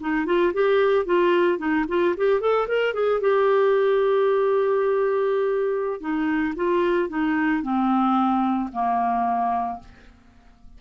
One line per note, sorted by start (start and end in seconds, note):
0.00 0.26 D#4
0.26 0.52 F4
0.53 1.05 G4
1.05 1.58 F4
1.58 1.85 D#4
1.88 2.15 F4
2.17 2.40 G4
2.40 2.67 A4
2.68 2.93 A#4
2.93 3.20 G#4
3.20 6.00 G4
6.00 6.54 D#4
6.56 7.09 F4
7.09 7.62 D#4
7.62 8.70 C4
8.72 9.79 A#3